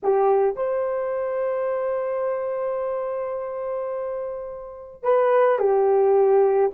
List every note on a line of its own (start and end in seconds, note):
0.03 0.56 G4
0.56 5.03 C5
5.03 5.58 B4
5.58 6.71 G4